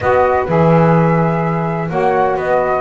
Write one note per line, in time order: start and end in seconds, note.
0.00 0.48 B3
0.00 0.47 F#4
0.00 1.89 B4
0.00 0.45 D#5
0.47 1.90 E3
0.47 1.88 G#4
0.47 1.89 E5
1.89 2.36 A#3
1.89 2.81 F#4
1.89 2.36 C#5
1.89 2.36 F#5
2.36 2.81 B3
2.36 2.81 B4
2.36 2.81 D#5